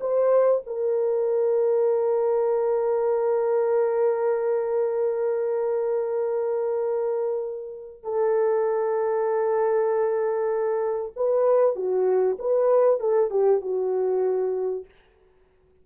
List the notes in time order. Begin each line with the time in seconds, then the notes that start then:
0.00 C5
0.66 A#4
8.03 A4
11.16 B4
11.75 F#4
12.39 B4
13.00 A4
13.30 G4
13.61 F#4